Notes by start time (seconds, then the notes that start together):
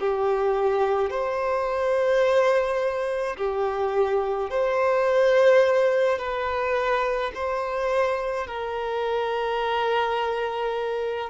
0.00 G4
1.11 C5
3.37 G4
4.50 C5
6.19 B4
7.35 C5
8.48 A#4